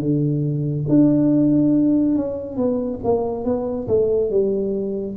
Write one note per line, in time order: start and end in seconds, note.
0.00 0.86 D3
0.89 2.16 D4
2.16 2.57 C#4
2.57 3.00 B3
3.04 3.45 A#3
3.45 3.88 B3
3.88 4.31 A3
4.31 5.17 G3